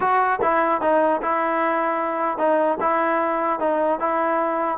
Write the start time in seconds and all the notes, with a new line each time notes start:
0.00 F#4
0.42 E4
0.81 D#4
1.21 E4
2.38 D#4
2.80 E4
3.59 D#4
3.99 E4